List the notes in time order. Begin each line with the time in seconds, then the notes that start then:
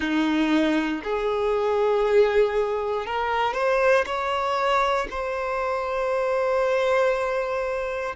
0.00 D#4
1.03 G#4
3.06 A#4
3.53 C5
4.05 C#5
5.10 C5